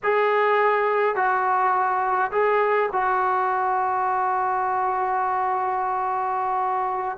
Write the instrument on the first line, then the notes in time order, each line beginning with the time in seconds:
trombone
0.03 G#4
1.15 F#4
2.31 G#4
2.92 F#4